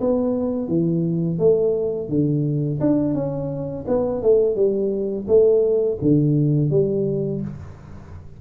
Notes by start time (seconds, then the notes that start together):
0.00 B3
0.68 E3
1.39 A3
2.09 D3
2.80 D4
3.14 C#4
3.87 B3
4.22 A3
4.55 G3
5.27 A3
6.01 D3
6.70 G3